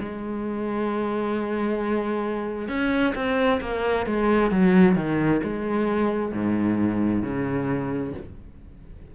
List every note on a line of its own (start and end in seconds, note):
0.00 2.69 G#3
2.69 3.14 C#4
3.15 3.61 C4
3.62 4.07 A#3
4.07 4.51 G#3
4.51 4.96 F#3
4.96 5.41 D#3
5.44 6.33 G#3
6.33 7.23 G#2
7.23 8.14 C#3